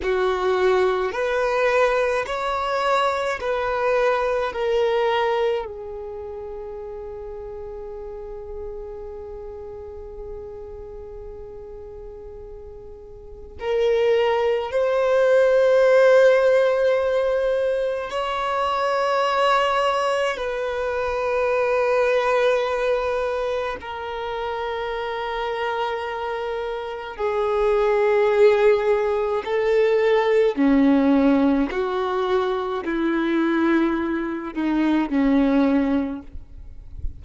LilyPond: \new Staff \with { instrumentName = "violin" } { \time 4/4 \tempo 4 = 53 fis'4 b'4 cis''4 b'4 | ais'4 gis'2.~ | gis'1 | ais'4 c''2. |
cis''2 b'2~ | b'4 ais'2. | gis'2 a'4 cis'4 | fis'4 e'4. dis'8 cis'4 | }